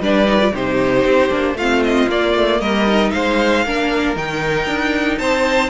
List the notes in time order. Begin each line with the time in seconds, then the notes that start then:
0.00 G3 D4 B4 D5
0.26 D#4
0.40 F4
0.53 C3 D#4 G4 C5
1.04 C4
1.30 A#3 D4
1.54 A3 F4 F5
1.61 C4
1.83 D#5
2.09 A#3 D5
2.35 A3
2.60 G3 A#4 D#5
2.87 D#4
3.11 G#3 C5 F5
3.66 A#3 D4 A#4
4.16 D#3 D#4 G5
4.67 D4
5.19 C4 C5 A5